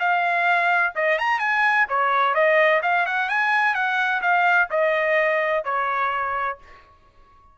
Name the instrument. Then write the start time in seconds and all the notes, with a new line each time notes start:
trumpet
0.00 F5
0.96 D#5
1.19 A#5
1.40 G#5
1.89 C#5
2.35 D#5
2.83 F5
3.06 F#5
3.30 G#5
3.75 F#5
4.22 F5
4.71 D#5
5.65 C#5